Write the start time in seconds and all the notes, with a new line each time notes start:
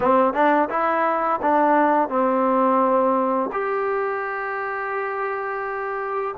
0.00 C4
0.33 D4
0.69 E4
1.41 D4
2.08 C4
3.52 G4